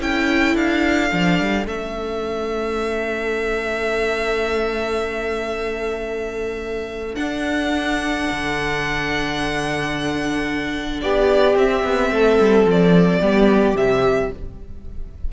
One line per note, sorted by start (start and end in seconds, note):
0.00 0.55 C#4
0.00 1.10 E4
0.00 11.01 A4
0.00 0.56 G5
0.55 1.10 D4
0.55 1.66 F5
1.11 1.39 F3
1.11 1.65 D4
1.39 1.65 G3
1.65 7.16 A3
1.65 7.14 C#4
1.65 7.15 E5
7.14 11.55 D4
7.14 8.27 D4
7.14 11.01 F#5
8.31 11.03 D3
11.01 11.55 B3
11.01 12.13 G4
11.01 11.56 D5
11.55 11.83 C4
11.55 13.21 C4
11.55 12.68 E5
11.84 12.11 B3
12.11 12.38 A3
12.11 13.20 A4
12.40 12.65 G3
12.65 13.20 F3
12.65 13.77 D5
13.20 13.75 G3
13.20 13.76 B3
13.20 14.30 G4
13.75 14.30 C3
13.75 14.32 G3
13.75 14.32 E5